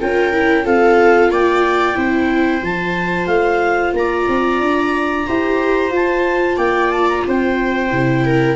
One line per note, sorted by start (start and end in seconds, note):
0.00 0.66 C#4
0.00 0.33 F4
0.00 0.64 A#4
0.00 0.66 G5
0.33 0.63 E4
0.63 1.30 C4
0.63 1.95 F4
0.63 1.30 A4
0.63 1.32 F5
1.30 1.96 A#3
1.30 1.96 D5
1.30 2.64 G5
1.95 2.62 C4
1.95 2.60 E4
1.95 3.95 C5
2.62 3.26 F3
2.62 5.25 F4
2.62 3.26 A5
3.26 3.92 A3
3.26 3.92 F5
3.93 4.26 A#3
3.93 5.26 D5
3.93 5.93 A#5
4.28 4.61 C4
4.61 5.27 D4
5.26 5.89 E4
5.26 5.90 G4
5.26 6.56 C5
5.89 6.55 F4
5.89 7.88 F4
5.95 6.57 A5
6.56 7.23 A#3
6.56 7.22 D5
6.56 6.90 G5
6.90 7.07 A5
7.08 7.25 A#5
7.27 7.92 C4
7.27 8.25 C5
7.27 8.56 G5
7.90 8.56 C3
7.90 8.56 E4
8.25 8.56 A#4